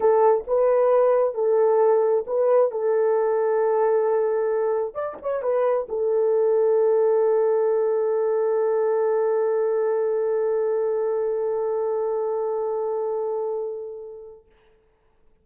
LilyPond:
\new Staff \with { instrumentName = "horn" } { \time 4/4 \tempo 4 = 133 a'4 b'2 a'4~ | a'4 b'4 a'2~ | a'2. d''8 cis''8 | b'4 a'2.~ |
a'1~ | a'1~ | a'1~ | a'1 | }